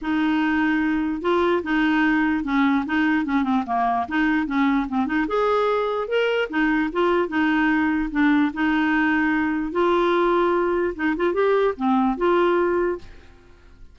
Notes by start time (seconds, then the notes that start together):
0.01 D#4
1.21 F4
1.63 D#4
2.44 C#4
2.86 D#4
3.25 C#4
3.43 C4
3.66 A#3
4.08 D#4
4.46 C#4
4.88 C4
5.06 D#4
5.27 G#4
6.08 A#4
6.49 D#4
6.92 F4
7.28 D#4
8.11 D4
8.53 D#4
9.72 F4
10.95 D#4
11.16 F4
11.33 G4
11.76 C4
12.17 F4